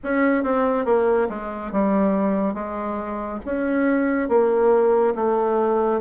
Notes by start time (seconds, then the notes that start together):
0.03 C#4
0.43 C4
0.85 A#3
1.29 G#3
1.71 G3
2.54 G#3
3.45 C#4
4.28 A#3
5.15 A3